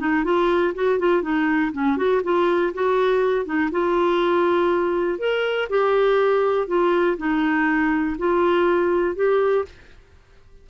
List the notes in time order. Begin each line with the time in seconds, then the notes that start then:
0.00 D#4
0.25 F4
0.75 F#4
0.99 F4
1.23 D#4
1.73 C#4
1.97 F#4
2.24 F4
2.74 F#4
3.46 D#4
3.72 F4
5.19 A#4
5.70 G4
6.68 F4
7.18 D#4
8.19 F4
9.16 G4